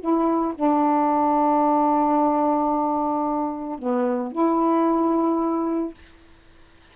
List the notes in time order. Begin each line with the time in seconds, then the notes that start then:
0.00 E4
0.55 D4
3.79 B3
4.32 E4